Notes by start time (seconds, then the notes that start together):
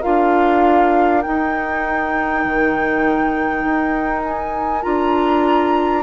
0.00 D4 F4 A#4 F5
1.22 D#4 G5
2.44 D#3
3.65 D#4
4.24 G#5
4.83 D4 F4 A#5